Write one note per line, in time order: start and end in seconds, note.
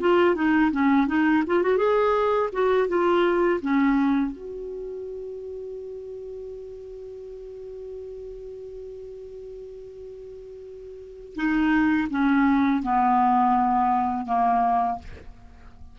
0.00 0.35 F4
0.35 0.71 D#4
0.71 1.07 C#4
1.07 1.43 D#4
1.47 1.62 F4
1.62 1.77 F#4
1.77 2.49 G#4
2.52 2.88 F#4
2.88 3.60 F4
3.61 4.31 C#4
4.31 11.35 F#4
11.35 12.08 D#4
12.10 12.82 C#4
12.82 14.26 B3
14.26 14.98 A#3